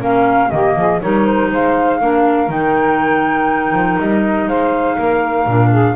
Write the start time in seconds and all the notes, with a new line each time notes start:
0.00 A#3 C#4 A#4 F5
0.51 D#3 A#3 G4 D#5
0.76 F3 G#4
1.01 G3 D#4 A#4 C#5
1.26 C5
1.51 G#3 C5 F5
2.01 A#3 D4 A#4
2.48 D#3 D#4 G5
3.72 F3
4.00 G3 D#5
4.47 G#3 C5 F5
4.99 A#3 A#4
5.46 A#2 D4
5.70 G#4